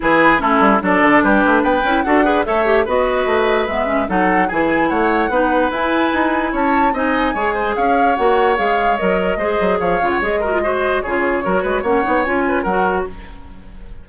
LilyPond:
<<
  \new Staff \with { instrumentName = "flute" } { \time 4/4 \tempo 4 = 147 b'4 a'4 d''4 b'4 | g''4 fis''4 e''4 dis''4~ | dis''4 e''4 fis''4 gis''4 | fis''2 gis''2 |
a''4 gis''2 f''4 | fis''4 f''4 dis''2 | f''8. fis''16 dis''2 cis''4~ | cis''4 fis''4 gis''4 fis''4 | }
  \new Staff \with { instrumentName = "oboe" } { \time 4/4 gis'4 e'4 a'4 g'4 | b'4 a'8 b'8 cis''4 b'4~ | b'2 a'4 gis'4 | cis''4 b'2. |
cis''4 dis''4 cis''8 c''8 cis''4~ | cis''2. c''4 | cis''4. ais'8 c''4 gis'4 | ais'8 b'8 cis''4. b'8 ais'4 | }
  \new Staff \with { instrumentName = "clarinet" } { \time 4/4 e'4 cis'4 d'2~ | d'8 e'8 fis'8 gis'8 a'8 g'8 fis'4~ | fis'4 b8 cis'8 dis'4 e'4~ | e'4 dis'4 e'2~ |
e'4 dis'4 gis'2 | fis'4 gis'4 ais'4 gis'4~ | gis'8 f'8 gis'8 fis'16 f'16 fis'4 f'4 | fis'4 cis'8 dis'8 f'4 fis'4 | }
  \new Staff \with { instrumentName = "bassoon" } { \time 4/4 e4 a8 g8 fis8 d8 g8 a8 | b8 cis'8 d'4 a4 b4 | a4 gis4 fis4 e4 | a4 b4 e'4 dis'4 |
cis'4 c'4 gis4 cis'4 | ais4 gis4 fis4 gis8 fis8 | f8 cis8 gis2 cis4 | fis8 gis8 ais8 b8 cis'4 fis4 | }
>>